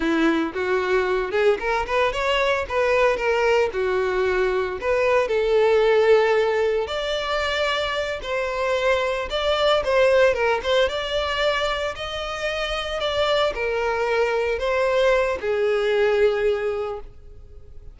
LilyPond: \new Staff \with { instrumentName = "violin" } { \time 4/4 \tempo 4 = 113 e'4 fis'4. gis'8 ais'8 b'8 | cis''4 b'4 ais'4 fis'4~ | fis'4 b'4 a'2~ | a'4 d''2~ d''8 c''8~ |
c''4. d''4 c''4 ais'8 | c''8 d''2 dis''4.~ | dis''8 d''4 ais'2 c''8~ | c''4 gis'2. | }